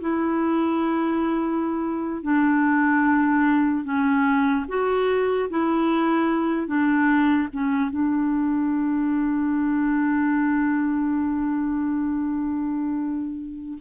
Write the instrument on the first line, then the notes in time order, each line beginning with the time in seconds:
clarinet
0.00 E4
2.23 D4
3.84 C#4
4.68 F#4
5.50 E4
6.67 D4
7.53 C#4
7.90 D4